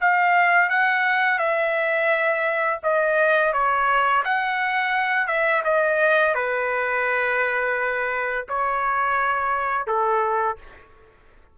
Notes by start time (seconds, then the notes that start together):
0.00 F5
0.69 F#5
1.38 E5
2.83 D#5
3.53 C#5
4.24 F#5
5.27 E5
5.64 D#5
6.34 B4
8.48 C#5
9.87 A4